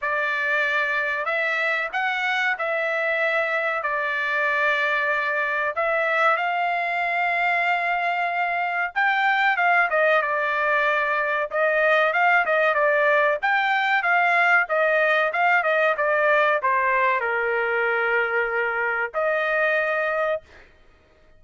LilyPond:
\new Staff \with { instrumentName = "trumpet" } { \time 4/4 \tempo 4 = 94 d''2 e''4 fis''4 | e''2 d''2~ | d''4 e''4 f''2~ | f''2 g''4 f''8 dis''8 |
d''2 dis''4 f''8 dis''8 | d''4 g''4 f''4 dis''4 | f''8 dis''8 d''4 c''4 ais'4~ | ais'2 dis''2 | }